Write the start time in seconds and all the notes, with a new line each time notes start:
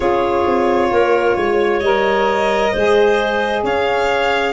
0.00 C#4 F4 G#4 C#5
0.45 C4
0.91 A#3 A#4
1.36 G#3 C#5
1.80 G3 A#4 D#5
2.71 G#3 G#4 C5
3.63 C#4 C#5 F5